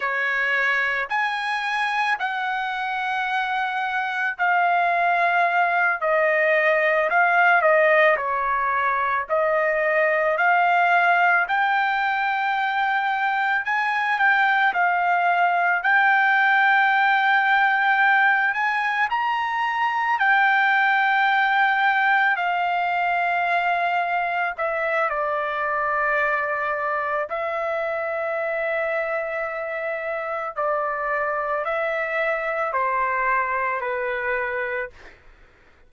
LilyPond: \new Staff \with { instrumentName = "trumpet" } { \time 4/4 \tempo 4 = 55 cis''4 gis''4 fis''2 | f''4. dis''4 f''8 dis''8 cis''8~ | cis''8 dis''4 f''4 g''4.~ | g''8 gis''8 g''8 f''4 g''4.~ |
g''4 gis''8 ais''4 g''4.~ | g''8 f''2 e''8 d''4~ | d''4 e''2. | d''4 e''4 c''4 b'4 | }